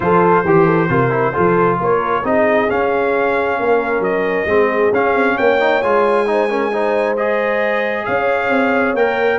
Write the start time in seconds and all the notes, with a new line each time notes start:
0.00 F3 F4 A4 C5
0.44 E3 G4
0.65 A4
0.89 C3 F4 A#4
1.10 E4
1.33 F3 F4 A4
1.80 A#3 A#4 C#5
2.23 C4 D#4 G#4 D#5
2.68 C#4 F5
3.58 A#3 A#4
4.00 F#3 D#5
4.45 G#3 C4 G#4
4.92 C#4 F5
5.13 C4
5.35 A#3 C#5 G5
5.60 D#4
5.81 G#3 F4 G#5
6.26 D#4 C5
6.49 C#4 A#4
6.72 D#4 C5
7.16 G#4 D#5
8.05 C#4 C#5 F5
8.49 C4
8.94 A#3 A#4 G5